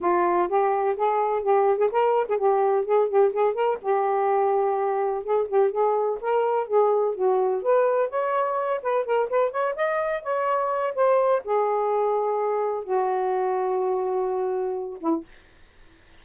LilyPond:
\new Staff \with { instrumentName = "saxophone" } { \time 4/4 \tempo 4 = 126 f'4 g'4 gis'4 g'8. gis'16 | ais'8. gis'16 g'4 gis'8 g'8 gis'8 ais'8 | g'2. gis'8 g'8 | gis'4 ais'4 gis'4 fis'4 |
b'4 cis''4. b'8 ais'8 b'8 | cis''8 dis''4 cis''4. c''4 | gis'2. fis'4~ | fis'2.~ fis'8 e'8 | }